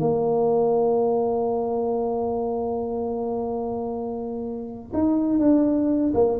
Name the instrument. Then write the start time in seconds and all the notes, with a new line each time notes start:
tuba
0.00 A#3
4.94 D#4
5.39 D4
6.14 A#3